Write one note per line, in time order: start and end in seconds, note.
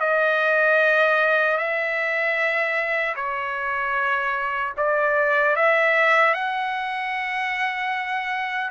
0.00 1.58 D#5
1.58 3.15 E5
3.15 4.73 C#5
4.78 5.56 D5
5.56 6.34 E5
6.34 8.71 F#5